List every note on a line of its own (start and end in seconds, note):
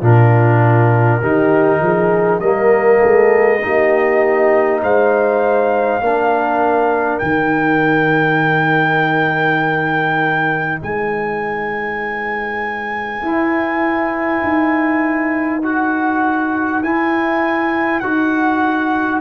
0.00 1.22 A#2
0.00 1.22 D4
0.00 1.20 F4
0.00 2.41 A#4
1.21 1.80 D#3
1.21 2.43 D#4
1.21 1.81 G4
1.80 2.41 F3
1.80 2.41 G#4
2.41 3.00 G3
2.41 3.62 A#3
2.41 3.00 A#4
2.41 4.80 D#5
3.00 3.65 G#3
3.00 3.60 A4
3.62 4.83 A#3
3.62 6.02 D#4
3.62 4.83 G4
4.83 6.01 G#3
4.83 6.03 C5
4.83 7.19 F5
6.01 7.21 A#3
6.01 7.22 D4
6.01 10.81 A#4
7.19 10.83 D#3
7.19 13.22 D#4
7.19 10.79 G5
10.81 13.23 G#3
10.81 19.21 B4
10.81 15.63 G#5
13.22 15.62 E4
13.22 14.43 E4
14.44 16.83 D#4
15.63 16.83 F#4
15.63 16.84 F#5
16.83 18.03 E4
16.83 18.04 E4
16.83 18.00 G#5
18.00 19.21 D#4
18.00 19.21 F#4
18.00 19.20 F#5